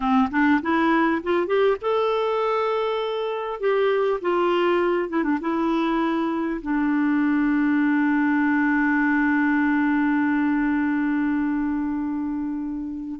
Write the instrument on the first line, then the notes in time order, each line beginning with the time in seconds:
clarinet
0.00 C4
0.30 D4
0.62 E4
1.23 F4
1.46 G4
1.81 A4
3.60 G4
4.21 F4
5.09 E4
5.23 D4
5.41 E4
6.61 D4